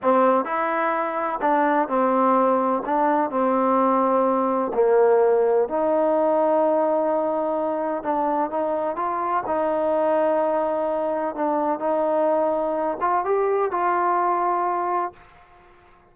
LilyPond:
\new Staff \with { instrumentName = "trombone" } { \time 4/4 \tempo 4 = 127 c'4 e'2 d'4 | c'2 d'4 c'4~ | c'2 ais2 | dis'1~ |
dis'4 d'4 dis'4 f'4 | dis'1 | d'4 dis'2~ dis'8 f'8 | g'4 f'2. | }